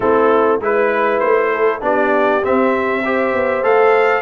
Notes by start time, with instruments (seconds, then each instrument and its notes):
0.00 tuba A3, trombone C4, horn E4, trumpet A4
0.60 tuba G#3, trombone E4, trumpet B4, horn B4
1.19 tuba A3, trumpet C5
1.51 horn A4
1.80 tuba B3, trombone D4, horn G4, trumpet D5
2.42 trombone C4, tuba C4, trumpet E5
3.03 trombone G4, horn C5
3.34 tuba B3
3.63 tuba A3, trombone A4, trumpet F5